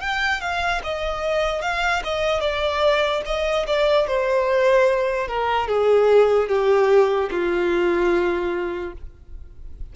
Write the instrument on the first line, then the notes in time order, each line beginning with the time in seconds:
violin
0.00 G5
0.41 F5
0.83 D#5
1.61 F5
2.03 D#5
2.40 D5
3.25 D#5
3.67 D5
4.07 C5
5.27 A#4
5.68 G#4
6.48 G4
7.30 F4